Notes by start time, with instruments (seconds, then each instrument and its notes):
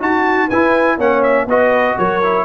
0.00 tuba D#4, trombone F#4, horn F#4, trumpet A5
0.47 tuba E4, trombone E4, horn B4, trumpet G#5
0.97 tuba A#3, trombone C#4, horn C#5, trumpet F#5
1.23 trumpet E5
1.46 tuba B3, trombone F#4, horn B4, trumpet D#5
1.98 tuba F#3, horn A#4, trumpet C#5
2.23 trombone E4